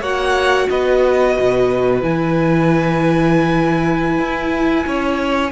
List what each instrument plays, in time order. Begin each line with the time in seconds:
0.00 cello A#3, viola F#4, violin C#5 F#5
0.70 cello B3, violin B4 D#5
1.39 cello B2
2.01 cello E3, viola E4, violin G#5
4.19 cello E4
4.87 cello C#4, violin C#5